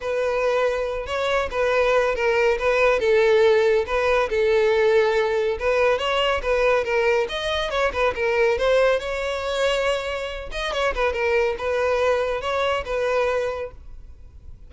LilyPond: \new Staff \with { instrumentName = "violin" } { \time 4/4 \tempo 4 = 140 b'2~ b'8 cis''4 b'8~ | b'4 ais'4 b'4 a'4~ | a'4 b'4 a'2~ | a'4 b'4 cis''4 b'4 |
ais'4 dis''4 cis''8 b'8 ais'4 | c''4 cis''2.~ | cis''8 dis''8 cis''8 b'8 ais'4 b'4~ | b'4 cis''4 b'2 | }